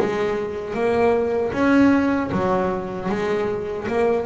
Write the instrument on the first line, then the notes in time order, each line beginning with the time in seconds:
double bass
0.00 G#3
0.74 A#3
1.53 C#4
2.32 F#3
3.10 G#3
3.88 A#3